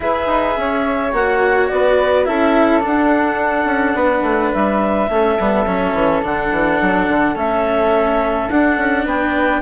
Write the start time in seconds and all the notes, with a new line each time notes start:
0.00 E4 G#4 B4 E5
0.27 D#4
0.57 C#4 C#5
1.12 A#3 F#4 F#5
1.68 B3 B4 D5
2.25 C#4 E4 A4 E5
2.80 D4
2.86 F#5
3.65 C#4
3.95 B3 B4
4.22 A3
4.53 G3 E5
5.08 A3 C#4 A4
5.39 G3 B3
5.66 F#3 C#4
5.93 E3
6.22 D3 D4 F#5
6.51 E3
6.81 F#3
7.08 D3
7.35 A3 C#4 E5
8.49 D4 F#5
8.77 C#4
9.04 B3 B4 G5